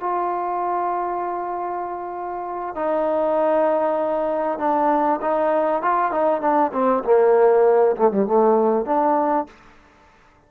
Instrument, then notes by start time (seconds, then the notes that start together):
trombone
0.00 F4
2.75 D#4
4.58 D4
5.21 D#4
5.82 F4
6.11 D#4
6.41 D4
6.73 C4
7.04 A#3
7.96 A3
8.11 G3
8.26 A3
8.85 D4